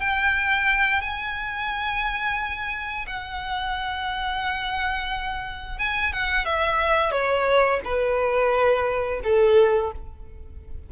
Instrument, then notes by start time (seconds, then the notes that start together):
violin
0.00 G5
1.01 G#5
3.07 F#5
5.79 G#5
6.13 F#5
6.45 E5
7.12 C#5
7.85 B4
9.24 A4